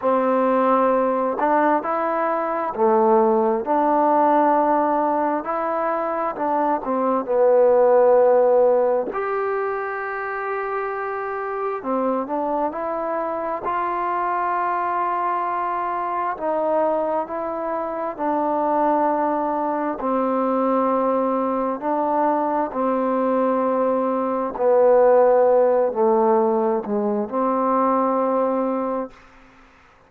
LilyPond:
\new Staff \with { instrumentName = "trombone" } { \time 4/4 \tempo 4 = 66 c'4. d'8 e'4 a4 | d'2 e'4 d'8 c'8 | b2 g'2~ | g'4 c'8 d'8 e'4 f'4~ |
f'2 dis'4 e'4 | d'2 c'2 | d'4 c'2 b4~ | b8 a4 gis8 c'2 | }